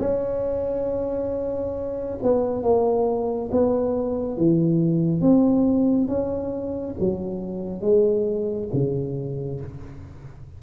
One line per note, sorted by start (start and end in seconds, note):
0.00 2.17 C#4
2.23 2.63 B3
2.63 3.50 A#3
3.52 4.38 B3
4.38 5.22 E3
5.22 6.08 C4
6.08 6.95 C#4
7.00 7.81 F#3
7.81 8.68 G#3
8.74 9.60 C#3